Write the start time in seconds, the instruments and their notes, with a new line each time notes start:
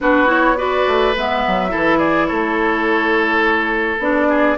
0.00 bassoon B3, clarinet D4, oboe F#4, flute B4
0.26 clarinet E4, flute C#5
0.57 clarinet F#4, oboe B4, flute D5
0.87 bassoon A3
1.16 bassoon G#3, clarinet B3, flute E5
1.46 bassoon F#3
1.68 bassoon E3, clarinet E4, oboe A4
1.98 oboe G#4, flute D5
2.26 bassoon A3, oboe A4, flute C#5
3.99 bassoon B3, clarinet D4, flute D5
4.29 oboe G#4